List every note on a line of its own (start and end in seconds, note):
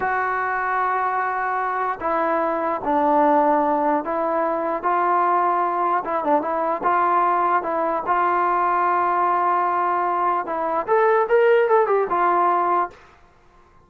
0.00 1.99 F#4
2.00 2.81 E4
2.84 4.04 D4
4.04 4.82 E4
4.82 6.03 F4
6.04 6.24 E4
6.24 6.41 D4
6.41 6.81 E4
6.83 7.63 F4
7.63 8.03 E4
8.06 10.46 F4
10.46 10.86 E4
10.87 11.27 A4
11.29 11.68 A#4
11.68 11.87 A4
11.87 12.07 G4
12.09 12.90 F4